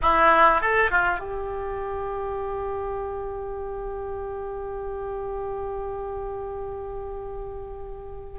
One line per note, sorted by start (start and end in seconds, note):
0.02 0.61 E4
0.61 0.90 A4
0.90 1.19 F4
1.19 8.39 G4